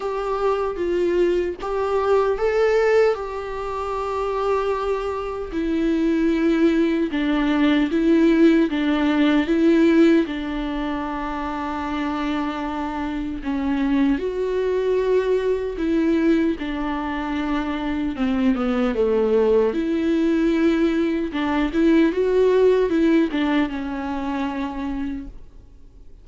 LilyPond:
\new Staff \with { instrumentName = "viola" } { \time 4/4 \tempo 4 = 76 g'4 f'4 g'4 a'4 | g'2. e'4~ | e'4 d'4 e'4 d'4 | e'4 d'2.~ |
d'4 cis'4 fis'2 | e'4 d'2 c'8 b8 | a4 e'2 d'8 e'8 | fis'4 e'8 d'8 cis'2 | }